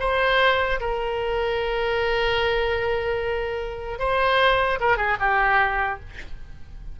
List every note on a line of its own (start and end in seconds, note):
0.00 0.80 C5
0.81 3.99 A#4
3.99 4.79 C5
4.80 4.97 A#4
4.97 5.17 G#4
5.20 6.00 G4